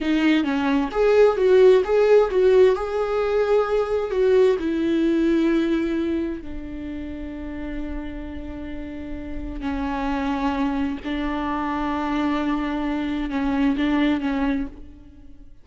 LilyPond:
\new Staff \with { instrumentName = "viola" } { \time 4/4 \tempo 4 = 131 dis'4 cis'4 gis'4 fis'4 | gis'4 fis'4 gis'2~ | gis'4 fis'4 e'2~ | e'2 d'2~ |
d'1~ | d'4 cis'2. | d'1~ | d'4 cis'4 d'4 cis'4 | }